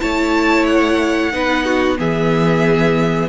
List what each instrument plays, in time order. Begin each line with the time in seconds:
0.00 cello A3, viola E4, violin C#5 A5
0.66 violin F#5
1.32 cello B3, viola D#4, violin B4
1.65 violin F#4
1.98 cello E3, viola B3, violin G#4 E5